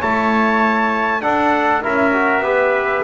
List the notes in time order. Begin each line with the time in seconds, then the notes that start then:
0.00 A3 E4 C#5 A5
1.21 D4 A4 F#5
1.81 C#4 E4 A#4 E5
2.13 F#4
2.39 B3 G4 B4